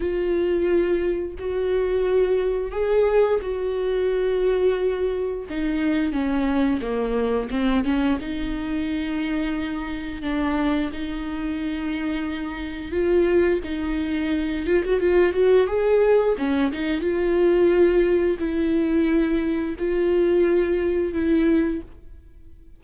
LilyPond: \new Staff \with { instrumentName = "viola" } { \time 4/4 \tempo 4 = 88 f'2 fis'2 | gis'4 fis'2. | dis'4 cis'4 ais4 c'8 cis'8 | dis'2. d'4 |
dis'2. f'4 | dis'4. f'16 fis'16 f'8 fis'8 gis'4 | cis'8 dis'8 f'2 e'4~ | e'4 f'2 e'4 | }